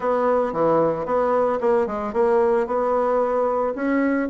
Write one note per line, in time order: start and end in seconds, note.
0.00 0.52 B3
0.52 1.05 E3
1.05 1.59 B3
1.60 1.86 A#3
1.86 2.13 G#3
2.13 2.66 A#3
2.66 3.74 B3
3.75 4.28 C#4